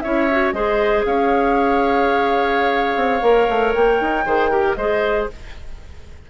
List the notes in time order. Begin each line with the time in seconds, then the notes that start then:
0.00 C#4 E4 C#5 E5
0.31 F#4
0.52 G#3 G#4 C5 D#5
1.05 C#4 C#5 F5
2.95 C4
3.21 A#3 A#4
3.49 A3
3.74 A#3 G5
4.00 D#4
4.25 D#3 G#4 C5
4.50 G4 A#4
4.75 G#3 G#4 C5 D#5